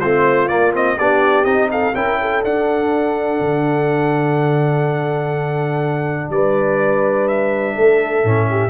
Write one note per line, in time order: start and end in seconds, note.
0.00 0.49 A3
0.00 0.49 C4
0.00 0.97 F4
0.00 0.48 C5
0.48 0.73 A#3
0.48 0.97 A#3
0.48 0.72 D5
0.73 0.97 C4
0.73 0.98 D#5
0.98 1.45 B3
0.98 1.46 D4
0.98 1.70 G4
0.98 1.45 D5
1.45 1.93 C4
1.45 1.94 D#4
1.45 1.69 D#5
1.71 1.95 A4
1.71 1.95 F5
1.95 2.44 C#4
1.95 2.44 E4
1.95 2.20 A#4
1.95 2.43 G5
2.21 6.33 A4
2.44 8.24 D4
2.44 3.40 D4
2.44 6.31 F#5
3.40 6.29 D3
6.29 7.74 G3
6.29 7.76 B4
6.29 7.28 D5
7.28 8.70 E5
7.76 8.24 A3
7.76 8.48 A4
8.24 8.70 A2
8.24 8.70 C#4
8.50 8.70 G4